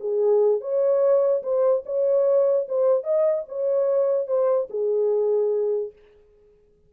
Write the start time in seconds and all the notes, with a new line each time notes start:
0.00 G#4
0.61 C#5
1.43 C5
1.86 C#5
2.69 C5
3.04 D#5
3.48 C#5
4.28 C5
4.70 G#4